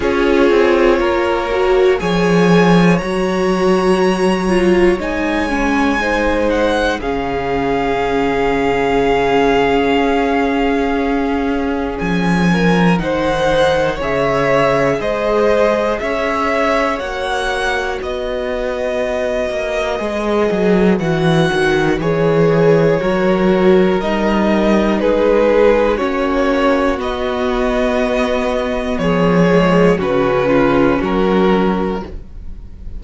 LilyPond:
<<
  \new Staff \with { instrumentName = "violin" } { \time 4/4 \tempo 4 = 60 cis''2 gis''4 ais''4~ | ais''4 gis''4. fis''8 f''4~ | f''1 | gis''4 fis''4 e''4 dis''4 |
e''4 fis''4 dis''2~ | dis''4 fis''4 cis''2 | dis''4 b'4 cis''4 dis''4~ | dis''4 cis''4 b'4 ais'4 | }
  \new Staff \with { instrumentName = "violin" } { \time 4/4 gis'4 ais'4 cis''2~ | cis''2 c''4 gis'4~ | gis'1~ | gis'8 ais'8 c''4 cis''4 c''4 |
cis''2 b'2~ | b'2. ais'4~ | ais'4 gis'4 fis'2~ | fis'4 gis'4 fis'8 f'8 fis'4 | }
  \new Staff \with { instrumentName = "viola" } { \time 4/4 f'4. fis'8 gis'4 fis'4~ | fis'8 f'8 dis'8 cis'8 dis'4 cis'4~ | cis'1~ | cis'4 dis'4 gis'2~ |
gis'4 fis'2. | gis'4 fis'4 gis'4 fis'4 | dis'2 cis'4 b4~ | b4. gis8 cis'2 | }
  \new Staff \with { instrumentName = "cello" } { \time 4/4 cis'8 c'8 ais4 f4 fis4~ | fis4 gis2 cis4~ | cis2 cis'2 | f4 dis4 cis4 gis4 |
cis'4 ais4 b4. ais8 | gis8 fis8 e8 dis8 e4 fis4 | g4 gis4 ais4 b4~ | b4 f4 cis4 fis4 | }
>>